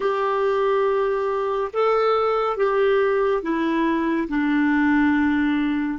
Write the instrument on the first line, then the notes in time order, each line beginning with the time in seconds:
clarinet
0.00 G4
1.73 A4
2.56 G4
3.42 E4
4.28 D4